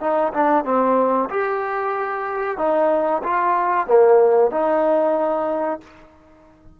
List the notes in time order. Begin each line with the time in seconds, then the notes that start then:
0.00 D#4
0.33 D4
0.64 C4
1.29 G4
2.57 D#4
3.23 F4
3.87 A#3
4.51 D#4